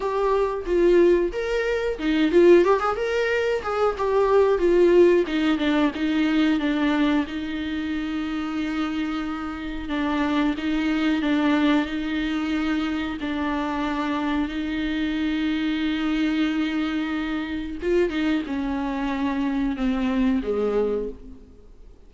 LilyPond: \new Staff \with { instrumentName = "viola" } { \time 4/4 \tempo 4 = 91 g'4 f'4 ais'4 dis'8 f'8 | g'16 gis'16 ais'4 gis'8 g'4 f'4 | dis'8 d'8 dis'4 d'4 dis'4~ | dis'2. d'4 |
dis'4 d'4 dis'2 | d'2 dis'2~ | dis'2. f'8 dis'8 | cis'2 c'4 gis4 | }